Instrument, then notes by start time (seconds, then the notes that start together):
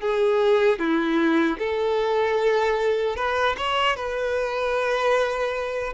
violin
0.00 G#4
0.79 E4
1.58 A4
3.16 B4
3.57 C#5
3.96 B4